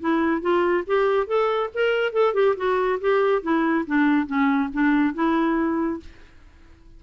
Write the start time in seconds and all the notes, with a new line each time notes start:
0.00 E4
0.41 F4
0.86 G4
1.27 A4
1.74 A#4
2.13 A4
2.34 G4
2.57 F#4
3.01 G4
3.42 E4
3.87 D4
4.26 C#4
4.73 D4
5.14 E4